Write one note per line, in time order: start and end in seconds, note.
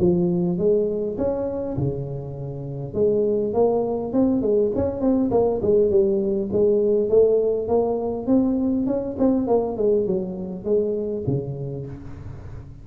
0.00 0.58 F3
0.58 1.18 G#3
1.18 1.77 C#4
1.77 2.95 C#3
2.95 3.54 G#3
3.54 4.13 A#3
4.13 4.42 C4
4.42 4.72 G#3
4.76 5.01 C#4
5.01 5.31 C4
5.31 5.61 A#3
5.62 5.91 G#3
5.91 6.50 G3
6.53 7.09 G#3
7.09 7.68 A3
7.68 8.27 A#3
8.27 8.86 C4
8.87 9.16 C#4
9.19 9.48 C4
9.48 9.77 A#3
9.77 10.07 G#3
10.07 10.65 F#3
10.65 11.24 G#3
11.27 11.87 C#3